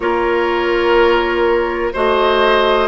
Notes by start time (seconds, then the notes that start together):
0.00 A#3 F4 A#4 C#5
1.93 A3 F#4 C5 D#5